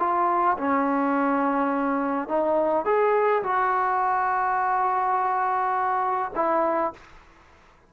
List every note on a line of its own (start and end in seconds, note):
0.00 0.58 F4
0.58 2.29 C#4
2.29 2.85 D#4
2.85 3.43 G#4
3.44 6.32 F#4
6.36 6.94 E4